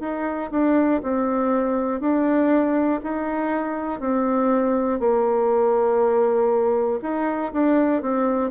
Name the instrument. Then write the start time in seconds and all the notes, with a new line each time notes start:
bassoon
0.00 D#4
0.50 D4
1.03 C4
2.00 D4
3.03 D#4
4.00 C4
4.99 A#3
7.02 D#4
7.53 D4
8.02 C4